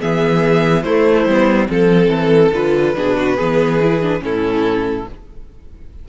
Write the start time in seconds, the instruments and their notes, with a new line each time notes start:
0.00 cello E3, viola B3, violin G#4 E5
0.83 cello A3, viola A3, violin E4 C5
1.26 cello G3, viola B3
1.66 cello F3, viola C4, violin A4
1.73 violin A4
2.08 cello E3
2.53 cello D3, viola F4, violin B4
2.95 cello B2, viola D4, violin G#4
3.16 violin F#4
3.36 cello E3, viola B3, violin G#4
3.80 viola E4
4.01 viola D4
4.20 cello A2, viola C#4, violin E4 A4